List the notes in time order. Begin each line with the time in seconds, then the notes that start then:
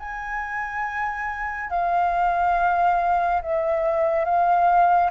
0.00 G#5
1.70 F5
3.42 E5
4.25 F5